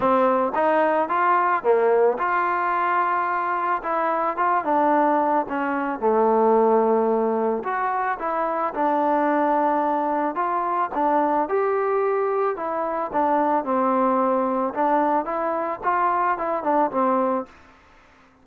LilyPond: \new Staff \with { instrumentName = "trombone" } { \time 4/4 \tempo 4 = 110 c'4 dis'4 f'4 ais4 | f'2. e'4 | f'8 d'4. cis'4 a4~ | a2 fis'4 e'4 |
d'2. f'4 | d'4 g'2 e'4 | d'4 c'2 d'4 | e'4 f'4 e'8 d'8 c'4 | }